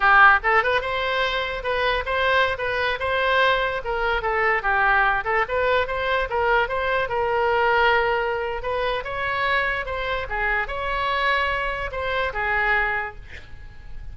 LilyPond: \new Staff \with { instrumentName = "oboe" } { \time 4/4 \tempo 4 = 146 g'4 a'8 b'8 c''2 | b'4 c''4~ c''16 b'4 c''8.~ | c''4~ c''16 ais'4 a'4 g'8.~ | g'8. a'8 b'4 c''4 ais'8.~ |
ais'16 c''4 ais'2~ ais'8.~ | ais'4 b'4 cis''2 | c''4 gis'4 cis''2~ | cis''4 c''4 gis'2 | }